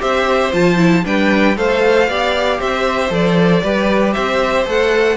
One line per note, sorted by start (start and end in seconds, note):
0.00 0.54 C4
0.00 0.52 G4
0.00 1.05 C5
0.00 0.54 E5
0.52 1.05 F3
0.52 0.77 F4
0.52 1.06 A5
0.77 1.03 E4
1.05 1.57 G3
1.05 1.56 D4
1.05 1.57 B4
1.05 1.58 G5
1.57 2.08 A3
1.57 2.08 A4
1.57 2.09 C5
1.57 2.61 F5
2.08 2.60 B3
2.08 3.11 G4
2.08 2.59 D5
2.59 3.11 C4
2.59 3.63 C5
2.59 3.13 E5
3.11 3.63 F3
3.11 3.62 A4
3.11 4.13 D5
3.64 4.16 G3
3.64 4.66 G4
3.64 4.14 B4
4.13 4.66 C4
4.13 5.17 C5
4.13 4.65 E5
4.66 5.17 A3
4.66 5.17 A4
4.66 5.17 F#5